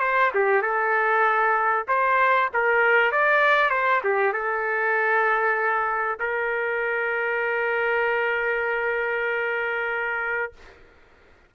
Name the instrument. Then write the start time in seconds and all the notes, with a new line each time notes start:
trumpet
0.00 C5
0.34 G4
0.62 A4
1.88 C5
2.53 A#4
3.12 D5
3.70 C5
4.04 G4
4.33 A4
6.19 A#4